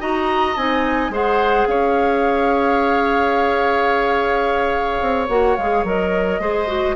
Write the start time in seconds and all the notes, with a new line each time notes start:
0.00 D#4 F#4 D#5 A#5
0.57 C4 D#4 G#5
1.09 G#3 G#4 C5 F#5
1.67 C#4 C#5 F5
5.01 C4
5.29 A#3 F#4 F#5
5.57 G#3 G#4 F5
5.84 F#3 A#4 D#5
6.39 G#3 G#4 C5
6.68 F#4